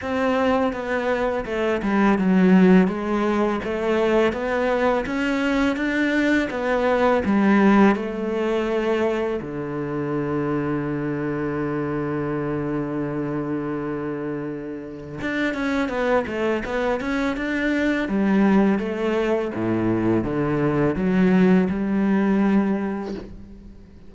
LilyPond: \new Staff \with { instrumentName = "cello" } { \time 4/4 \tempo 4 = 83 c'4 b4 a8 g8 fis4 | gis4 a4 b4 cis'4 | d'4 b4 g4 a4~ | a4 d2.~ |
d1~ | d4 d'8 cis'8 b8 a8 b8 cis'8 | d'4 g4 a4 a,4 | d4 fis4 g2 | }